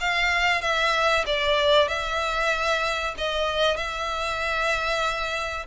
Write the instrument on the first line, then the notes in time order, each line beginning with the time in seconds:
violin
0.00 F5
0.61 E5
1.26 D5
1.88 E5
3.18 D#5
3.76 E5